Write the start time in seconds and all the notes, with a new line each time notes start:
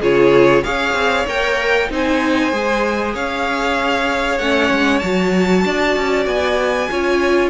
0.00 C#3 F4 G#4 C#5
0.64 C#4 G#4 C#5 F5
0.94 C4
1.27 A#3 A#4 G5
1.90 C4 D#4 C5 G#5
2.52 G#3 G#4
3.14 C#4 C#5 F5
4.39 A3 C#4 F#5
4.71 G#3
4.99 F#3 F#4 A5
5.65 D4 D5
5.96 C#4
6.26 B3 G#5
6.91 C#4 F4 C#5